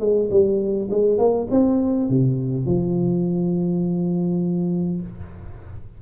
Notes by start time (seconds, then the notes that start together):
0.00 G#3
0.30 G3
0.91 G#3
1.18 A#3
1.51 C4
2.09 C3
2.66 F3